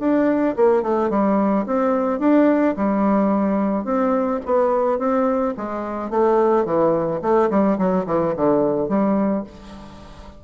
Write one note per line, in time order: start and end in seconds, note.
0.00 0.56 D4
0.57 0.83 A#3
0.83 1.10 A3
1.10 1.66 G3
1.67 2.20 C4
2.20 2.76 D4
2.77 3.85 G3
3.85 4.41 C4
4.46 4.99 B3
4.99 5.55 C4
5.58 6.11 G#3
6.11 6.66 A3
6.66 7.21 E3
7.22 7.50 A3
7.51 7.79 G3
7.79 8.06 F#3
8.07 8.35 E3
8.37 8.89 D3
8.89 9.44 G3